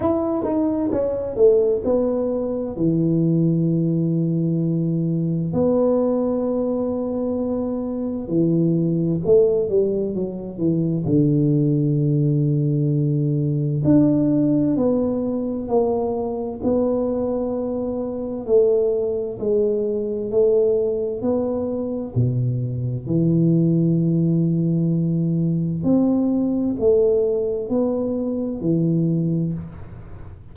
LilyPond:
\new Staff \with { instrumentName = "tuba" } { \time 4/4 \tempo 4 = 65 e'8 dis'8 cis'8 a8 b4 e4~ | e2 b2~ | b4 e4 a8 g8 fis8 e8 | d2. d'4 |
b4 ais4 b2 | a4 gis4 a4 b4 | b,4 e2. | c'4 a4 b4 e4 | }